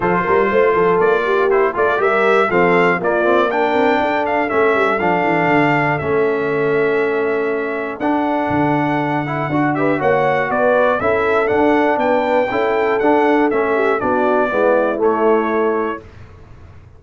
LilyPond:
<<
  \new Staff \with { instrumentName = "trumpet" } { \time 4/4 \tempo 4 = 120 c''2 d''4 c''8 d''8 | e''4 f''4 d''4 g''4~ | g''8 f''8 e''4 f''2 | e''1 |
fis''2.~ fis''8 e''8 | fis''4 d''4 e''4 fis''4 | g''2 fis''4 e''4 | d''2 cis''2 | }
  \new Staff \with { instrumentName = "horn" } { \time 4/4 a'8 ais'8 c''8 a'4 g'4 a'8 | ais'4 a'4 f'4 ais'4 | a'1~ | a'1~ |
a'2.~ a'8 b'8 | cis''4 b'4 a'2 | b'4 a'2~ a'8 g'8 | fis'4 e'2. | }
  \new Staff \with { instrumentName = "trombone" } { \time 4/4 f'2. e'8 f'8 | g'4 c'4 ais8 c'8 d'4~ | d'4 cis'4 d'2 | cis'1 |
d'2~ d'8 e'8 fis'8 g'8 | fis'2 e'4 d'4~ | d'4 e'4 d'4 cis'4 | d'4 b4 a2 | }
  \new Staff \with { instrumentName = "tuba" } { \time 4/4 f8 g8 a8 f8 ais4. a8 | g4 f4 ais4. c'8 | d'4 a8 g8 f8 e8 d4 | a1 |
d'4 d2 d'4 | ais4 b4 cis'4 d'4 | b4 cis'4 d'4 a4 | b4 gis4 a2 | }
>>